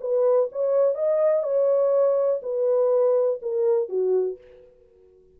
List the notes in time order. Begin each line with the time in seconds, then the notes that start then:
0.00 B4
0.52 C#5
0.94 D#5
1.43 C#5
2.42 B4
3.41 A#4
3.89 F#4